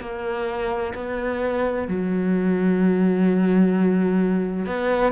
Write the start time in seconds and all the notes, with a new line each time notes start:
0.00 A#3
0.94 B3
1.88 F#3
4.66 B3